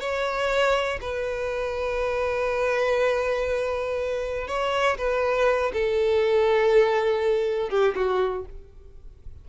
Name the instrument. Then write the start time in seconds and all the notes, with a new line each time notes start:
violin
0.00 C#5
1.01 B4
4.48 C#5
4.98 B4
5.73 A4
7.70 G4
7.95 F#4